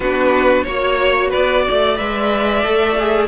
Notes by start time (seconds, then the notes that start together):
0.00 B3 D4 F#4 B4
0.63 A#3 F#4 C#5
1.29 B3 B4 D5
1.63 D5
1.70 A3
1.96 G#3 B4 E5
2.64 A3 A4
2.99 G#4